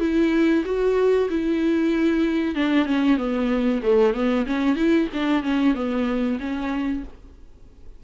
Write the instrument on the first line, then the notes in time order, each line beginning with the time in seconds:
viola
0.00 E4
0.65 F#4
1.30 E4
2.55 D4
2.86 C#4
3.17 B3
3.83 A3
4.14 B3
4.46 C#4
4.76 E4
5.14 D4
5.43 C#4
5.75 B3
6.40 C#4